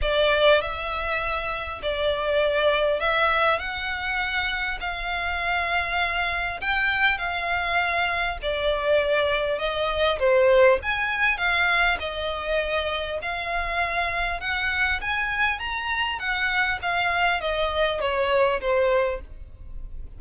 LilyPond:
\new Staff \with { instrumentName = "violin" } { \time 4/4 \tempo 4 = 100 d''4 e''2 d''4~ | d''4 e''4 fis''2 | f''2. g''4 | f''2 d''2 |
dis''4 c''4 gis''4 f''4 | dis''2 f''2 | fis''4 gis''4 ais''4 fis''4 | f''4 dis''4 cis''4 c''4 | }